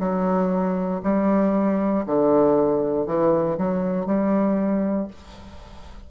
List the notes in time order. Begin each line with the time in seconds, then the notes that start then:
0.00 F#3
1.04 G3
2.06 D3
3.06 E3
3.58 F#3
4.06 G3